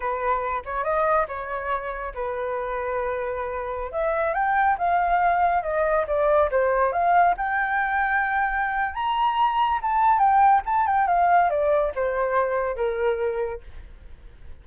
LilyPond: \new Staff \with { instrumentName = "flute" } { \time 4/4 \tempo 4 = 141 b'4. cis''8 dis''4 cis''4~ | cis''4 b'2.~ | b'4~ b'16 e''4 g''4 f''8.~ | f''4~ f''16 dis''4 d''4 c''8.~ |
c''16 f''4 g''2~ g''8.~ | g''4 ais''2 a''4 | g''4 a''8 g''8 f''4 d''4 | c''2 ais'2 | }